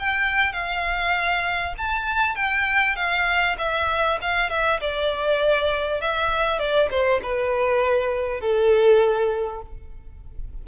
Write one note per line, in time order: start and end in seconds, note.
0.00 0.53 G5
0.53 1.74 F5
1.79 2.36 A5
2.36 2.96 G5
2.96 3.57 F5
3.59 4.19 E5
4.22 4.50 F5
4.50 4.80 E5
4.81 6.01 D5
6.01 6.59 E5
6.59 6.90 D5
6.91 7.21 C5
7.23 8.41 B4
8.41 9.62 A4